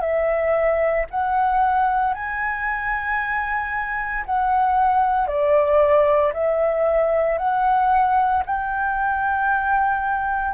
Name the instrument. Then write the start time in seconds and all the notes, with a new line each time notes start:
flute
0.00 E5
1.10 F#5
2.13 G#5
4.25 F#5
5.27 D5
6.33 E5
7.38 F#5
8.45 G5